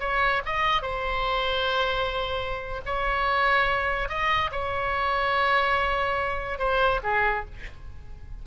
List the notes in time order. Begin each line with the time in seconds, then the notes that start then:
0.00 C#5
0.46 D#5
0.82 C5
2.86 C#5
4.09 D#5
4.52 C#5
6.59 C5
7.03 G#4